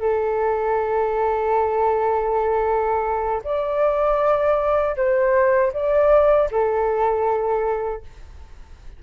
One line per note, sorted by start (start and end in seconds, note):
0.00 3.42 A4
3.44 4.96 D5
4.96 5.72 C5
5.73 6.49 D5
6.51 8.03 A4